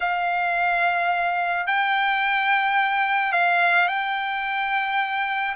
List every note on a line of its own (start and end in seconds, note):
0.00 1.66 F5
1.66 3.32 G5
3.32 3.88 F5
3.88 5.54 G5